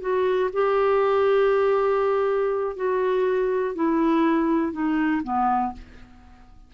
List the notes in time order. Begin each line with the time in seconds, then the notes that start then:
0.00 F#4
0.52 G4
2.75 F#4
3.75 E4
4.72 D#4
5.23 B3